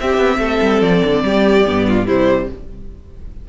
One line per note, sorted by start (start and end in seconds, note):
0.00 1.65 C4
0.00 0.17 C4
0.00 0.39 G4
0.00 0.82 E5
0.17 0.38 B3
0.39 0.60 A3
0.39 1.23 A4
0.61 0.81 G3
0.81 1.02 F3
0.81 2.07 D5
1.05 1.24 D3
1.24 1.65 G3
1.24 1.87 G4
1.65 2.07 G2
1.65 2.06 B3
1.88 2.07 F4
2.06 2.49 C3
2.06 2.48 G3
2.06 2.48 E4
2.06 2.49 C5